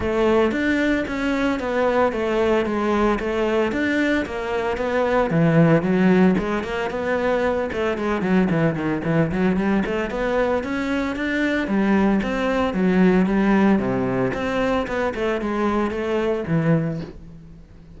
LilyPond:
\new Staff \with { instrumentName = "cello" } { \time 4/4 \tempo 4 = 113 a4 d'4 cis'4 b4 | a4 gis4 a4 d'4 | ais4 b4 e4 fis4 | gis8 ais8 b4. a8 gis8 fis8 |
e8 dis8 e8 fis8 g8 a8 b4 | cis'4 d'4 g4 c'4 | fis4 g4 c4 c'4 | b8 a8 gis4 a4 e4 | }